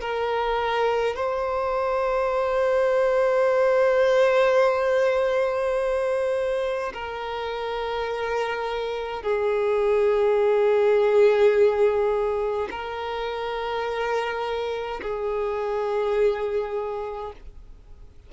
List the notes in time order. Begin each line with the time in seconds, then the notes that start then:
0.00 A#4
1.15 C5
6.93 A#4
9.22 G#4
12.70 A#4
15.01 G#4